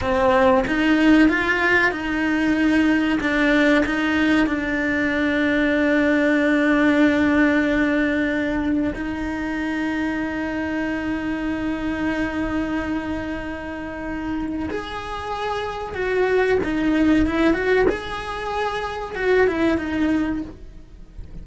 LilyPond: \new Staff \with { instrumentName = "cello" } { \time 4/4 \tempo 4 = 94 c'4 dis'4 f'4 dis'4~ | dis'4 d'4 dis'4 d'4~ | d'1~ | d'2 dis'2~ |
dis'1~ | dis'2. gis'4~ | gis'4 fis'4 dis'4 e'8 fis'8 | gis'2 fis'8 e'8 dis'4 | }